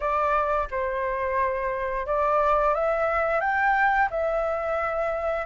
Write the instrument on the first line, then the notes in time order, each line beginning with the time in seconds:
flute
0.00 D5
0.70 C5
2.06 D5
2.74 E5
3.40 G5
4.10 E5